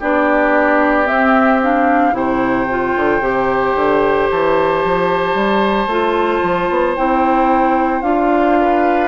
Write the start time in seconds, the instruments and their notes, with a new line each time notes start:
0.00 bassoon B3, clarinet D4, oboe G4, flute D5
1.05 clarinet C4, bassoon C4, flute E5
1.62 clarinet D4, flute F5
2.12 bassoon C3, clarinet E4, oboe C5, flute G5
2.70 clarinet F4
2.96 bassoon D3
3.20 bassoon C3, clarinet G4
3.75 bassoon D3
4.31 bassoon E3, flute A5
4.85 bassoon F3
5.35 bassoon G3
5.87 bassoon A3, clarinet F4
6.43 bassoon F3
6.70 bassoon B3
6.96 bassoon C4, clarinet E4, flute G5
8.02 bassoon D4, clarinet F4, flute F5
8.60 oboe B4